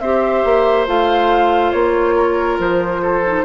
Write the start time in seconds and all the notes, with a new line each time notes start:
0.00 C4 G4 C5 E5
0.44 A#3
0.87 A3 F4 F5
1.72 A#3 C#5
2.15 A#4
2.59 F3 C5
3.02 A4
3.26 D#4